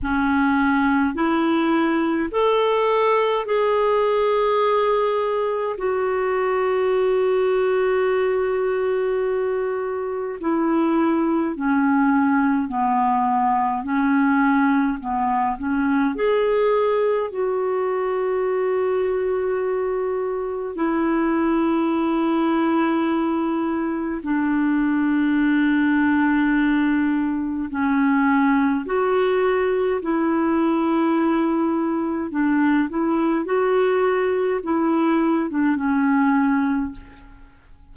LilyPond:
\new Staff \with { instrumentName = "clarinet" } { \time 4/4 \tempo 4 = 52 cis'4 e'4 a'4 gis'4~ | gis'4 fis'2.~ | fis'4 e'4 cis'4 b4 | cis'4 b8 cis'8 gis'4 fis'4~ |
fis'2 e'2~ | e'4 d'2. | cis'4 fis'4 e'2 | d'8 e'8 fis'4 e'8. d'16 cis'4 | }